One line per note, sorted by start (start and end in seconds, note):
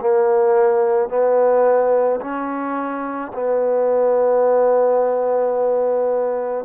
0.00 1.09 A#3
1.09 2.20 B3
2.21 3.32 C#4
3.33 6.65 B3